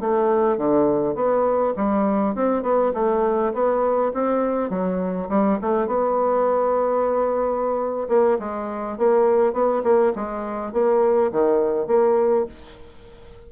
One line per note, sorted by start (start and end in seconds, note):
0.00 0.57 A3
0.57 1.15 D3
1.15 1.74 B3
1.76 2.35 G3
2.35 2.63 C4
2.63 2.92 B3
2.94 3.53 A3
3.53 4.12 B3
4.14 4.70 C4
4.70 5.29 F#3
5.29 5.59 G3
5.61 5.87 A3
5.87 8.08 B3
8.09 8.38 A#3
8.39 8.98 G#3
8.98 9.53 A#3
9.53 9.83 B3
9.83 10.13 A#3
10.15 10.72 G#3
10.72 11.31 A#3
11.32 11.87 D#3
11.87 12.46 A#3